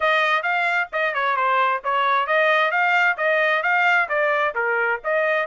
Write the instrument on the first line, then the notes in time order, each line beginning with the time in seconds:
trumpet
0.00 D#5
0.42 F5
0.92 D#5
1.14 C#5
1.36 C5
1.84 C#5
2.26 D#5
2.71 F5
3.17 D#5
3.62 F5
4.08 D5
4.54 A#4
5.04 D#5